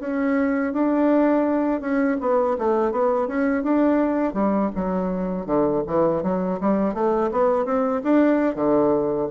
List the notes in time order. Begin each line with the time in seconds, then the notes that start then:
0.00 C#4
0.74 D4
1.81 C#4
2.21 B3
2.58 A3
2.92 B3
3.28 C#4
3.64 D4
4.34 G3
4.75 F#3
5.46 D3
5.87 E3
6.23 F#3
6.61 G3
6.94 A3
7.32 B3
7.65 C4
8.04 D4
8.55 D3